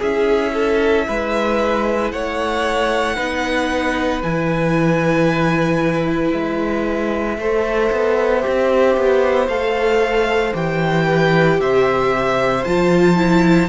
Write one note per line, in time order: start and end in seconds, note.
0.00 1.07 C#4
0.00 3.18 E4
0.00 0.53 G#4
0.00 2.12 E5
0.54 1.07 A4
1.08 2.13 G#3
1.08 2.13 B4
2.12 3.18 A3
2.12 3.16 C#5
2.12 4.22 F#5
3.16 4.23 B3
3.16 4.23 D#4
3.16 7.37 B4
4.23 6.33 E3
4.23 7.39 E4
4.23 6.32 G#5
6.32 7.38 G#3
6.32 9.48 E5
7.38 7.91 A3
7.38 8.41 A4
7.38 11.05 C5
7.92 8.44 B3
8.41 9.47 G4
8.48 8.97 C4
8.97 9.48 B3
9.48 10.54 A3
9.48 10.54 A4
9.48 10.54 F5
10.54 11.60 E3
10.54 12.65 G4
10.54 11.61 G5
11.05 11.58 B4
11.60 12.66 C3
11.60 13.70 C5
11.60 12.65 E5
12.65 13.70 F3
12.65 13.16 F4
12.65 13.70 A5
13.16 13.69 E4